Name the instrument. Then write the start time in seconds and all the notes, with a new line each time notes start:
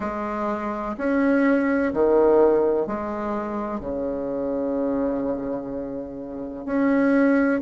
bassoon
0.00 G#3
0.97 C#4
1.93 D#3
2.86 G#3
3.80 C#3
6.65 C#4